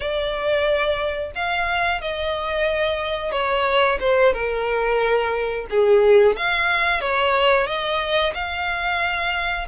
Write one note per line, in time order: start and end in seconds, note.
0.00 1.31 D5
1.35 2.01 F5
2.01 3.32 D#5
3.32 3.98 C#5
3.99 4.33 C5
4.33 5.66 A#4
5.70 6.36 G#4
6.36 7.00 F5
7.00 7.66 C#5
7.66 8.33 D#5
8.34 9.67 F5